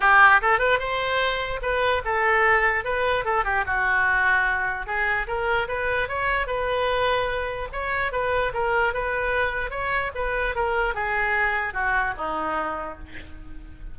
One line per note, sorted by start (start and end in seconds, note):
0.00 0.41 G4
0.41 0.58 A4
0.58 0.79 B4
0.79 1.60 C5
1.61 2.02 B4
2.04 2.84 A4
2.84 3.25 B4
3.25 3.44 A4
3.44 3.64 G4
3.66 4.86 F#4
4.86 5.26 G#4
5.27 5.67 A#4
5.68 6.08 B4
6.08 6.47 C#5
6.47 7.68 B4
7.72 8.12 C#5
8.12 8.52 B4
8.53 8.93 A#4
8.93 9.70 B4
9.70 10.11 C#5
10.14 10.55 B4
10.55 10.94 A#4
10.94 11.73 G#4
11.73 12.14 F#4
12.17 12.98 D#4